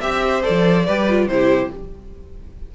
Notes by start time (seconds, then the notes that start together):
0.00 C4 G4 E5
0.26 C5
0.42 A4 D5
0.49 F3
0.86 G3 G4 B4
1.08 F4
1.27 C3 E4 G4 C5